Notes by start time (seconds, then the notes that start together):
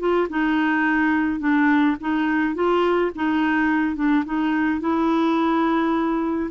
0.00 F4
0.30 D#4
1.40 D4
2.01 D#4
2.55 F4
3.16 D#4
3.96 D4
4.26 D#4
4.81 E4